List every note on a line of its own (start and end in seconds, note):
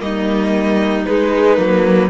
0.00 1.06 G3
0.00 1.05 A#3
0.00 2.09 D#4
0.00 1.05 D#5
1.05 1.57 G#3
1.05 1.58 G#3
1.05 2.09 B4
1.57 2.09 F#3
1.57 2.09 A#3